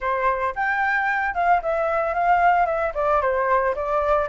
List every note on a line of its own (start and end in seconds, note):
0.00 0.54 C5
0.55 1.34 G5
1.34 1.61 F5
1.61 2.14 E5
2.14 2.66 F5
2.66 2.92 E5
2.94 3.21 D5
3.21 3.74 C5
3.75 4.29 D5